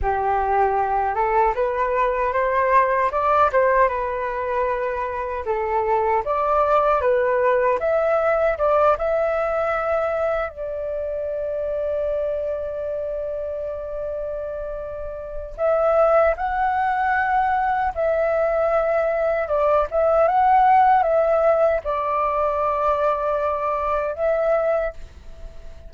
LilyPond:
\new Staff \with { instrumentName = "flute" } { \time 4/4 \tempo 4 = 77 g'4. a'8 b'4 c''4 | d''8 c''8 b'2 a'4 | d''4 b'4 e''4 d''8 e''8~ | e''4. d''2~ d''8~ |
d''1 | e''4 fis''2 e''4~ | e''4 d''8 e''8 fis''4 e''4 | d''2. e''4 | }